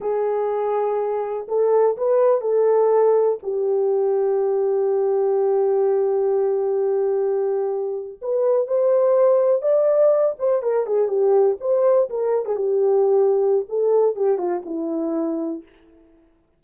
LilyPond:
\new Staff \with { instrumentName = "horn" } { \time 4/4 \tempo 4 = 123 gis'2. a'4 | b'4 a'2 g'4~ | g'1~ | g'1~ |
g'8. b'4 c''2 d''16~ | d''4~ d''16 c''8 ais'8 gis'8 g'4 c''16~ | c''8. ais'8. gis'16 g'2~ g'16 | a'4 g'8 f'8 e'2 | }